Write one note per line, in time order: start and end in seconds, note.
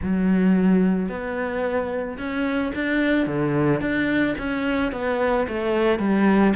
0.02 1.08 F#3
1.08 2.17 B3
2.17 2.72 C#4
2.74 3.26 D4
3.26 3.81 D3
3.81 4.35 D4
4.38 4.92 C#4
4.92 5.46 B3
5.48 5.99 A3
5.99 6.53 G3